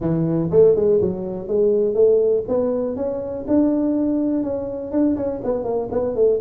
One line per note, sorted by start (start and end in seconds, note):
0.00 0.50 E3
0.51 0.75 A3
0.75 1.00 G#3
1.01 1.47 F#3
1.47 1.94 G#3
1.94 2.43 A3
2.47 2.96 B3
2.96 3.45 C#4
3.47 4.43 D4
4.43 4.91 C#4
4.91 5.16 D4
5.16 5.41 C#4
5.43 5.64 B3
5.64 5.88 A#3
5.91 6.15 B3
6.15 6.39 A3